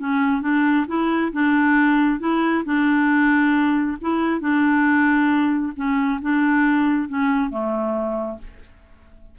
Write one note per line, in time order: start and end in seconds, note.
0.00 0.42 C#4
0.42 0.86 D4
0.88 1.32 E4
1.33 2.20 D4
2.20 2.64 E4
2.65 3.98 D4
4.02 4.41 E4
4.41 5.73 D4
5.76 6.20 C#4
6.22 7.09 D4
7.09 7.50 C#4
7.50 8.39 A3